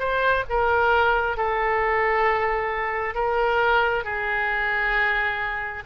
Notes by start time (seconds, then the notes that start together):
0.00 C5
0.50 A#4
1.38 A4
3.15 A#4
4.05 G#4